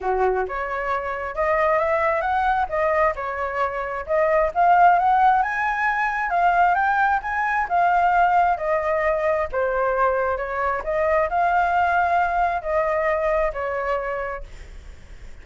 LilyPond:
\new Staff \with { instrumentName = "flute" } { \time 4/4 \tempo 4 = 133 fis'4 cis''2 dis''4 | e''4 fis''4 dis''4 cis''4~ | cis''4 dis''4 f''4 fis''4 | gis''2 f''4 g''4 |
gis''4 f''2 dis''4~ | dis''4 c''2 cis''4 | dis''4 f''2. | dis''2 cis''2 | }